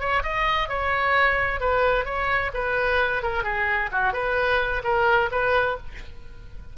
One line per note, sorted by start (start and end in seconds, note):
0.00 0.23 C#5
0.23 0.69 D#5
0.69 1.60 C#5
1.60 2.05 B4
2.05 2.51 C#5
2.54 3.23 B4
3.23 3.44 A#4
3.44 3.90 G#4
3.92 4.13 F#4
4.13 4.83 B4
4.84 5.30 A#4
5.32 5.78 B4